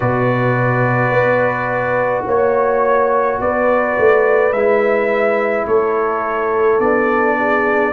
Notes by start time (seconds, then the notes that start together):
0.00 B2 F#4 B4 D5
1.10 B3
2.26 A#3 C#5
3.40 B3 B4 D5
3.98 A3
4.52 G#3 E4 E5
5.67 A3 A4 C#5
6.79 B3 D4 D5
7.39 G#4